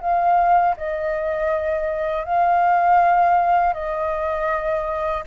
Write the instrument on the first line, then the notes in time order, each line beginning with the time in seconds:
flute
0.00 F5
0.77 D#5
2.24 F5
3.73 D#5